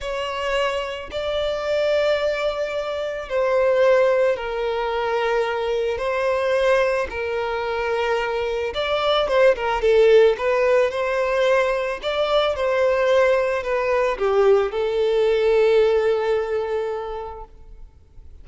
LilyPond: \new Staff \with { instrumentName = "violin" } { \time 4/4 \tempo 4 = 110 cis''2 d''2~ | d''2 c''2 | ais'2. c''4~ | c''4 ais'2. |
d''4 c''8 ais'8 a'4 b'4 | c''2 d''4 c''4~ | c''4 b'4 g'4 a'4~ | a'1 | }